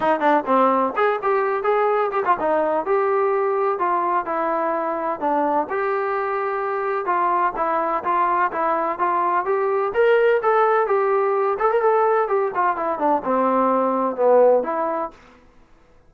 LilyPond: \new Staff \with { instrumentName = "trombone" } { \time 4/4 \tempo 4 = 127 dis'8 d'8 c'4 gis'8 g'4 gis'8~ | gis'8 g'16 f'16 dis'4 g'2 | f'4 e'2 d'4 | g'2. f'4 |
e'4 f'4 e'4 f'4 | g'4 ais'4 a'4 g'4~ | g'8 a'16 ais'16 a'4 g'8 f'8 e'8 d'8 | c'2 b4 e'4 | }